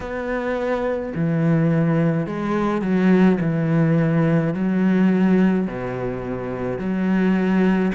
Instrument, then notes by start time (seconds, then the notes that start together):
cello
0.00 B3
1.15 E3
2.26 G#3
2.81 F#3
3.40 E3
4.54 F#3
5.67 B2
6.79 F#3